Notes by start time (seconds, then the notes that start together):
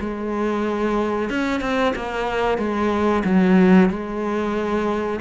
0.00 G#3
1.30 C#4
1.61 C4
1.96 A#3
2.58 G#3
3.24 F#3
3.90 G#3